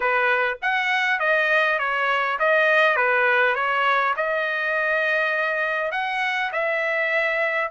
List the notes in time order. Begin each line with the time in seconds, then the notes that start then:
0.00 B4
0.62 F#5
1.19 D#5
1.78 C#5
2.39 D#5
2.96 B4
3.55 C#5
4.16 D#5
5.91 F#5
6.52 E5